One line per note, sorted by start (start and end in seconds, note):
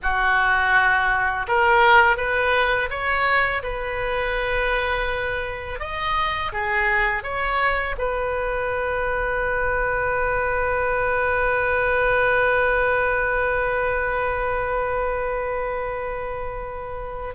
0.02 1.47 F#4
1.47 2.17 A#4
2.17 2.89 B4
2.89 3.62 C#5
3.62 5.79 B4
5.79 6.52 D#5
6.52 7.23 G#4
7.23 7.95 C#5
7.97 17.34 B4